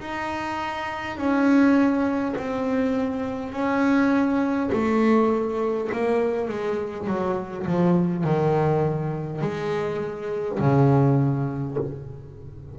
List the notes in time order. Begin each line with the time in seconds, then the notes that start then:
0.00 D#4
1.17 C#4
2.36 C4
3.52 C#4
4.72 A3
5.92 A#3
6.48 G#3
7.07 F#3
7.66 F3
8.24 D#3
9.41 G#3
10.59 C#3